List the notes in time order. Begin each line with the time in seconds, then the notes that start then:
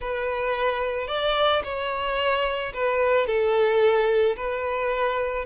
0.00 B4
1.07 D5
1.63 C#5
2.73 B4
3.26 A4
4.36 B4